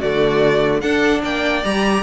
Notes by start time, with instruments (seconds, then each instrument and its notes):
0.00 cello D3, viola A3, violin F#4 D5
0.81 viola D4, cello D4, violin A4 F#5
1.23 cello A#3, violin D5 G5
1.65 cello G3, viola G4, violin A#5